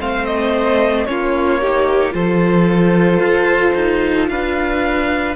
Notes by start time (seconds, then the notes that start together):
0.00 A3 C4 C5 F5
0.26 D#5
1.06 A#3 C#4 F4 C#5
1.61 D#4 G4
2.12 F3 F4 A4 C5
3.19 F4
3.75 D#4
4.29 D4 B4 F5